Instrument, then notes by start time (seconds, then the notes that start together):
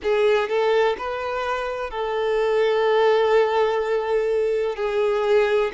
violin
0.03 G#4
0.48 A4
0.97 B4
1.90 A4
4.76 G#4